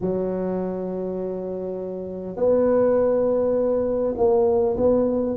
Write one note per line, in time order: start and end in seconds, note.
0.00 2.36 F#3
2.36 4.14 B3
4.17 4.76 A#3
4.77 5.36 B3